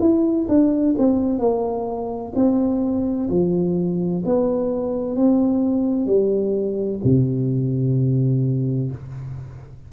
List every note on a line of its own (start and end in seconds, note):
0.00 0.47 E4
0.49 0.95 D4
0.98 1.39 C4
1.39 2.33 A#3
2.36 3.29 C4
3.30 4.24 F3
4.25 5.16 B3
5.16 6.06 C4
6.06 7.00 G3
7.04 8.91 C3